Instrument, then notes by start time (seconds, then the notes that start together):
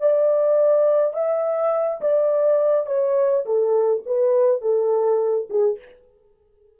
horn
0.00 D5
1.14 E5
2.01 D5
2.87 C#5
3.46 A4
4.06 B4
4.62 A4
5.50 G#4